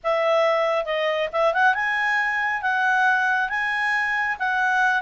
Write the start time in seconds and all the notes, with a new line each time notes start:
0.03 E5
0.85 D#5
1.32 E5
1.53 F#5
1.74 G#5
2.62 F#5
3.49 G#5
4.39 F#5